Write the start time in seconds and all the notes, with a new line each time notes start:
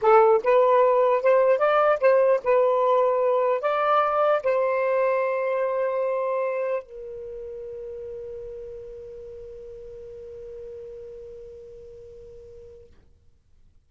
0.01 A4
0.43 B4
1.22 C5
1.58 D5
2.00 C5
2.43 B4
3.61 D5
4.43 C5
6.82 A#4